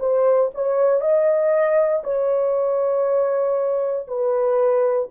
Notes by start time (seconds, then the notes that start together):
0.00 C5
0.55 C#5
1.01 D#5
2.04 C#5
4.08 B4